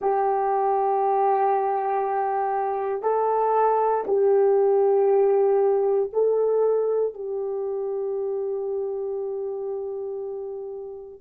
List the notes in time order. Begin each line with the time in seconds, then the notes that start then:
0.01 G4
3.02 A4
4.07 G4
6.12 A4
7.14 G4